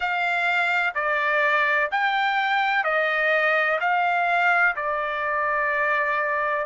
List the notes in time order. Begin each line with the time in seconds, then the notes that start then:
0.00 F5
0.94 D5
1.90 G5
2.84 D#5
3.80 F5
4.76 D5